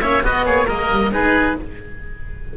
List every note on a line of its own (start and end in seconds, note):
0.00 0.23 A#3
0.00 0.23 C#4
0.00 0.23 C#5
0.00 0.22 E5
0.23 0.67 B3
0.23 0.46 B3
0.23 0.45 F#4
0.23 0.45 D#5
0.45 0.67 A#3
0.45 0.65 G#4
0.45 0.67 C#5
0.65 0.89 G#3
0.65 1.11 A#3
0.65 1.09 A#4
0.65 1.12 D#5
0.90 1.10 G3
1.10 1.54 G#3
1.10 1.55 D#4
1.10 1.57 G#4
1.10 1.57 B4